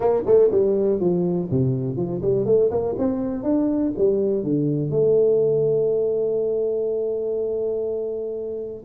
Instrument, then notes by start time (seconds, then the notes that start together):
tuba
0.00 A#3
0.25 A3
0.51 G3
0.99 F3
1.50 C3
1.96 F3
2.21 G3
2.45 A3
2.70 A#3
2.98 C4
3.43 D4
3.97 G3
4.43 D3
4.90 A3